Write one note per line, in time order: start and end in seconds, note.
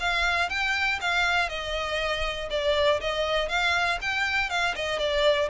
0.00 0.50 F5
0.50 1.00 G5
1.01 1.49 F5
1.49 2.49 D#5
2.50 3.00 D5
3.01 3.49 D#5
3.49 3.99 F5
4.02 4.50 G5
4.50 4.75 F5
4.76 5.00 D#5
5.00 5.50 D5